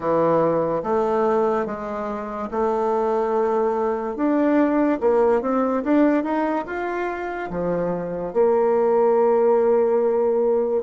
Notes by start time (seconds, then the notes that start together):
0.00 E3
0.83 A3
1.66 G#3
2.50 A3
4.16 D4
5.00 A#3
5.41 C4
5.83 D4
6.23 D#4
6.66 F4
7.50 F3
8.33 A#3